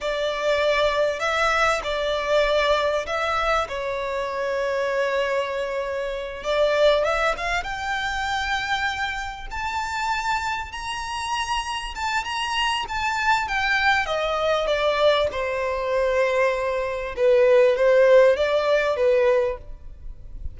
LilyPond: \new Staff \with { instrumentName = "violin" } { \time 4/4 \tempo 4 = 98 d''2 e''4 d''4~ | d''4 e''4 cis''2~ | cis''2~ cis''8 d''4 e''8 | f''8 g''2. a''8~ |
a''4. ais''2 a''8 | ais''4 a''4 g''4 dis''4 | d''4 c''2. | b'4 c''4 d''4 b'4 | }